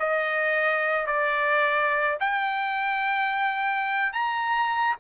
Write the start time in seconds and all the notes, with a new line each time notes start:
0.00 D#5
1.07 D5
2.20 G5
4.13 A#5